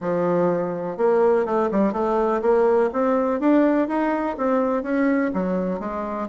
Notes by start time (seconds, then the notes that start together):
0.00 F3
0.97 A#3
1.45 A3
1.71 G3
1.92 A3
2.41 A#3
2.92 C4
3.39 D4
3.88 D#4
4.37 C4
4.82 C#4
5.33 F#3
5.79 G#3